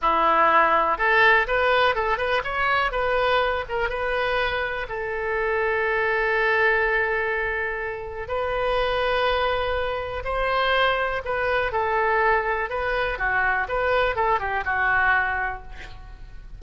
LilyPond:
\new Staff \with { instrumentName = "oboe" } { \time 4/4 \tempo 4 = 123 e'2 a'4 b'4 | a'8 b'8 cis''4 b'4. ais'8 | b'2 a'2~ | a'1~ |
a'4 b'2.~ | b'4 c''2 b'4 | a'2 b'4 fis'4 | b'4 a'8 g'8 fis'2 | }